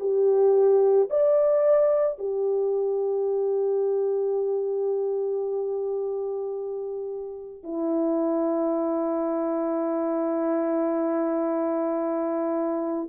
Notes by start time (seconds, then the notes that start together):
0.00 G4
1.10 D5
2.19 G4
7.64 E4